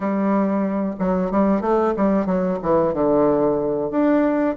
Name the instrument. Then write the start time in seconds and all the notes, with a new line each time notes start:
bassoon
0.00 G3
0.99 F#3
1.31 G3
1.61 A3
1.96 G3
2.26 F#3
2.62 E3
2.93 D3
3.90 D4